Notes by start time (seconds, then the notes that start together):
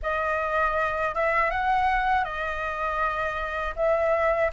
0.02 D#5
1.15 E5
1.50 F#5
2.24 D#5
3.76 E5